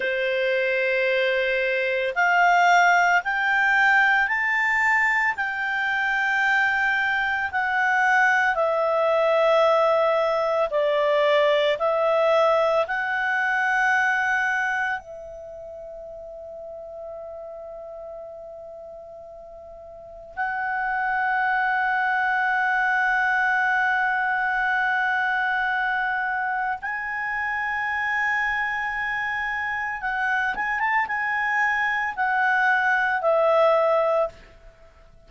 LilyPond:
\new Staff \with { instrumentName = "clarinet" } { \time 4/4 \tempo 4 = 56 c''2 f''4 g''4 | a''4 g''2 fis''4 | e''2 d''4 e''4 | fis''2 e''2~ |
e''2. fis''4~ | fis''1~ | fis''4 gis''2. | fis''8 gis''16 a''16 gis''4 fis''4 e''4 | }